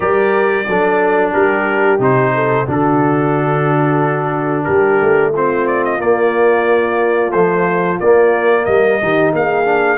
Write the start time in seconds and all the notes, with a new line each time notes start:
0.00 G3 G4 A#4 D5
0.67 F#3 D4 A4
1.32 G3 G4 A#4
1.99 C3 D#4 C5
2.34 A4
2.66 D3 D4 F#4 A4
4.64 G3 G4 A#4
5.01 A3
5.32 C4 F4 C5
5.67 D5
5.84 D#5
5.98 A#3 D5
7.31 F3 A3 C5
8.00 A#3 D5
8.65 G3 A#4 D#5
9.01 D#3 D#4 G4
9.32 A#3 G#4 F5
9.64 D4